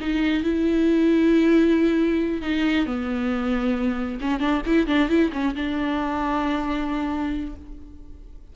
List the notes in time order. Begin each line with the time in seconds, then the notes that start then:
0.00 D#4
0.43 E4
2.41 D#4
2.86 B3
4.21 C#4
4.39 D4
4.66 E4
4.87 D4
5.09 E4
5.32 C#4
5.55 D4